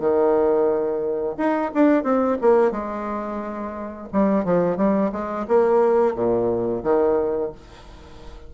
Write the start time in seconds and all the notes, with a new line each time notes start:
0.00 D#3
1.37 D#4
1.74 D4
2.03 C4
2.41 A#3
2.71 G#3
4.12 G3
4.45 F3
4.77 G3
5.12 G#3
5.48 A#3
6.15 A#2
6.83 D#3